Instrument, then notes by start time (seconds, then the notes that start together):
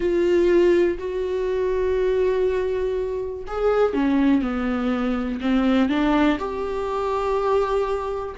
viola
0.00 F4
0.98 F#4
3.47 G#4
3.93 C#4
4.41 B3
5.40 C4
5.89 D4
6.38 G4